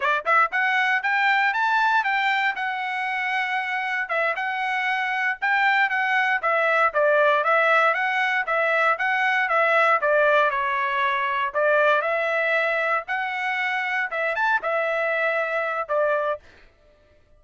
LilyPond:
\new Staff \with { instrumentName = "trumpet" } { \time 4/4 \tempo 4 = 117 d''8 e''8 fis''4 g''4 a''4 | g''4 fis''2. | e''8 fis''2 g''4 fis''8~ | fis''8 e''4 d''4 e''4 fis''8~ |
fis''8 e''4 fis''4 e''4 d''8~ | d''8 cis''2 d''4 e''8~ | e''4. fis''2 e''8 | a''8 e''2~ e''8 d''4 | }